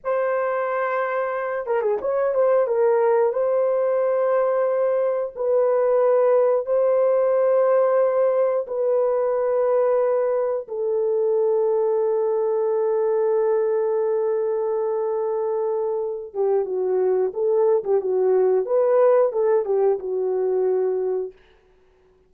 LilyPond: \new Staff \with { instrumentName = "horn" } { \time 4/4 \tempo 4 = 90 c''2~ c''8 ais'16 gis'16 cis''8 c''8 | ais'4 c''2. | b'2 c''2~ | c''4 b'2. |
a'1~ | a'1~ | a'8 g'8 fis'4 a'8. g'16 fis'4 | b'4 a'8 g'8 fis'2 | }